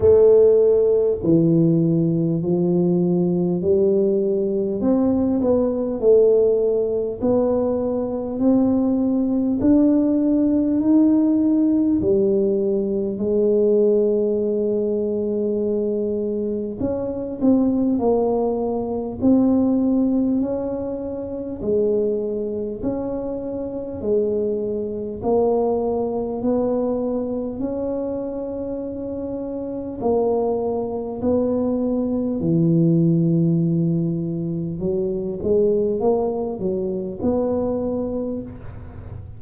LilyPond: \new Staff \with { instrumentName = "tuba" } { \time 4/4 \tempo 4 = 50 a4 e4 f4 g4 | c'8 b8 a4 b4 c'4 | d'4 dis'4 g4 gis4~ | gis2 cis'8 c'8 ais4 |
c'4 cis'4 gis4 cis'4 | gis4 ais4 b4 cis'4~ | cis'4 ais4 b4 e4~ | e4 fis8 gis8 ais8 fis8 b4 | }